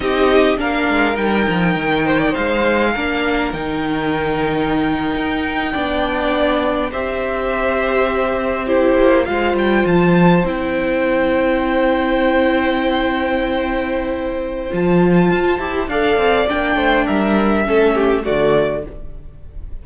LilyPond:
<<
  \new Staff \with { instrumentName = "violin" } { \time 4/4 \tempo 4 = 102 dis''4 f''4 g''2 | f''2 g''2~ | g''2.~ g''8. e''16~ | e''2~ e''8. c''4 f''16~ |
f''16 g''8 a''4 g''2~ g''16~ | g''1~ | g''4 a''2 f''4 | g''4 e''2 d''4 | }
  \new Staff \with { instrumentName = "violin" } { \time 4/4 g'4 ais'2~ ais'8 c''16 d''16 | c''4 ais'2.~ | ais'4.~ ais'16 d''2 c''16~ | c''2~ c''8. g'4 c''16~ |
c''1~ | c''1~ | c''2. d''4~ | d''8 c''8 ais'4 a'8 g'8 fis'4 | }
  \new Staff \with { instrumentName = "viola" } { \time 4/4 dis'4 d'4 dis'2~ | dis'4 d'4 dis'2~ | dis'4.~ dis'16 d'2 g'16~ | g'2~ g'8. e'4 f'16~ |
f'4.~ f'16 e'2~ e'16~ | e'1~ | e'4 f'4. g'8 a'4 | d'2 cis'4 a4 | }
  \new Staff \with { instrumentName = "cello" } { \time 4/4 c'4 ais8 gis8 g8 f8 dis4 | gis4 ais4 dis2~ | dis8. dis'4 b2 c'16~ | c'2.~ c'16 ais8 gis16~ |
gis16 g8 f4 c'2~ c'16~ | c'1~ | c'4 f4 f'8 e'8 d'8 c'8 | ais8 a8 g4 a4 d4 | }
>>